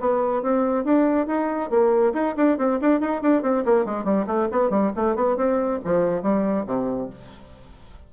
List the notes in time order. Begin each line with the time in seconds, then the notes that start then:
0.00 B3
0.43 C4
0.85 D4
1.27 D#4
1.70 A#3
2.14 D#4
2.37 D4
2.58 C4
2.81 D4
3.01 D#4
3.22 D4
3.43 C4
3.65 A#3
3.85 G#3
4.05 G3
4.27 A3
4.52 B3
4.70 G3
4.96 A3
5.16 B3
5.37 C4
5.84 F3
6.23 G3
6.67 C3